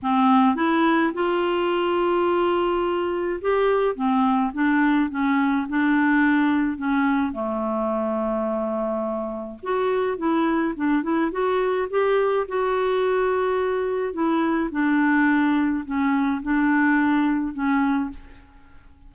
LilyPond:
\new Staff \with { instrumentName = "clarinet" } { \time 4/4 \tempo 4 = 106 c'4 e'4 f'2~ | f'2 g'4 c'4 | d'4 cis'4 d'2 | cis'4 a2.~ |
a4 fis'4 e'4 d'8 e'8 | fis'4 g'4 fis'2~ | fis'4 e'4 d'2 | cis'4 d'2 cis'4 | }